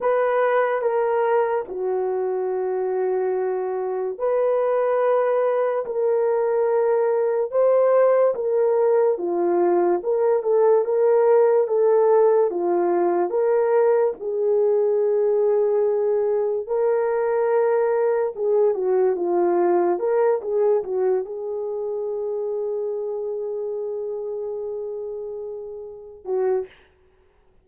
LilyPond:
\new Staff \with { instrumentName = "horn" } { \time 4/4 \tempo 4 = 72 b'4 ais'4 fis'2~ | fis'4 b'2 ais'4~ | ais'4 c''4 ais'4 f'4 | ais'8 a'8 ais'4 a'4 f'4 |
ais'4 gis'2. | ais'2 gis'8 fis'8 f'4 | ais'8 gis'8 fis'8 gis'2~ gis'8~ | gis'2.~ gis'8 fis'8 | }